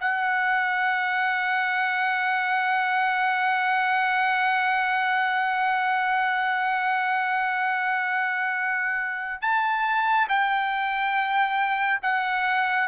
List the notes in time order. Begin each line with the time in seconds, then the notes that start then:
0.00 F#5
9.42 A5
10.29 G5
12.02 F#5